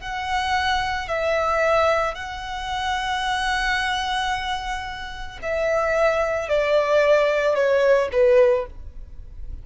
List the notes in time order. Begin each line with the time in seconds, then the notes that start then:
0.00 F#5
1.08 E5
2.14 F#5
5.42 E5
6.49 D5
7.55 C#5
8.12 B4